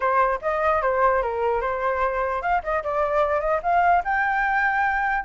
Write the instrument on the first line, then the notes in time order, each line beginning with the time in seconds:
flute
0.00 C5
0.41 D#5
0.82 C5
1.22 A#4
1.61 C5
2.41 F5
2.63 D#5
2.83 D5
3.40 D#5
3.62 F5
4.04 G5